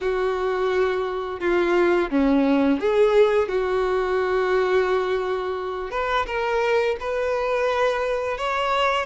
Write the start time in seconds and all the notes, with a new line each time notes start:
0.00 F#4
1.40 F4
2.10 C#4
2.80 G#4
3.48 F#4
5.90 B4
6.26 A#4
7.00 B4
8.37 C#5